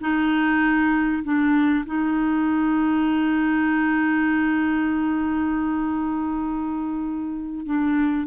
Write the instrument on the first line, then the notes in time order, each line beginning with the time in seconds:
clarinet
0.00 D#4
1.23 D4
1.85 D#4
7.66 D4